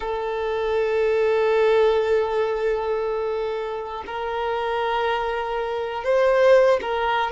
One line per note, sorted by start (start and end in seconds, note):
0.00 4.03 A4
4.06 6.04 A#4
6.04 6.79 C5
6.81 7.31 A#4